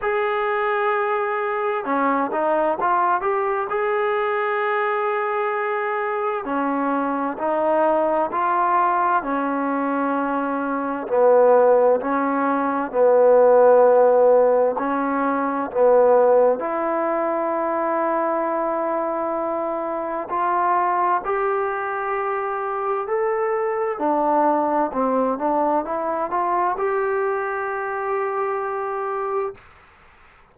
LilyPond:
\new Staff \with { instrumentName = "trombone" } { \time 4/4 \tempo 4 = 65 gis'2 cis'8 dis'8 f'8 g'8 | gis'2. cis'4 | dis'4 f'4 cis'2 | b4 cis'4 b2 |
cis'4 b4 e'2~ | e'2 f'4 g'4~ | g'4 a'4 d'4 c'8 d'8 | e'8 f'8 g'2. | }